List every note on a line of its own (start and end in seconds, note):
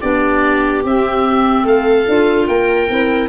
0.00 0.84 B3
0.00 0.84 D4
0.00 1.64 G4
0.00 0.83 D5
0.84 1.64 C4
0.84 2.08 C4
0.84 1.67 E5
1.64 2.05 A3
1.64 2.47 A4
1.64 2.47 F5
2.08 2.47 D4
2.08 2.88 F4
2.47 2.88 A#3
2.47 3.29 A#4
2.47 3.29 G5
2.88 3.29 C4
2.88 3.29 E4